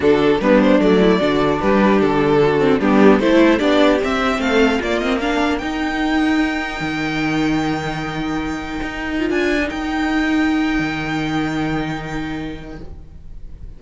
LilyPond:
<<
  \new Staff \with { instrumentName = "violin" } { \time 4/4 \tempo 4 = 150 a'4 b'8 c''8 d''2 | b'4 a'2 g'4 | c''4 d''4 e''4 f''4 | d''8 dis''8 f''4 g''2~ |
g''1~ | g''2.~ g''16 gis''8.~ | gis''16 g''2.~ g''8.~ | g''1 | }
  \new Staff \with { instrumentName = "violin" } { \time 4/4 fis'4 d'4. e'8 fis'4 | g'2 fis'4 d'4 | a'4 g'2 a'4 | f'4 ais'2.~ |
ais'1~ | ais'1~ | ais'1~ | ais'1 | }
  \new Staff \with { instrumentName = "viola" } { \time 4/4 d'4 b4 a4 d'4~ | d'2~ d'8 c'8 b4 | e'4 d'4 c'2 | ais8 c'8 d'4 dis'2~ |
dis'1~ | dis'2. f'4 | dis'1~ | dis'1 | }
  \new Staff \with { instrumentName = "cello" } { \time 4/4 d4 g4 fis4 d4 | g4 d2 g4 | a4 b4 c'4 a4 | ais2 dis'2~ |
dis'4 dis2.~ | dis2 dis'4~ dis'16 d'8.~ | d'16 dis'2~ dis'8. dis4~ | dis1 | }
>>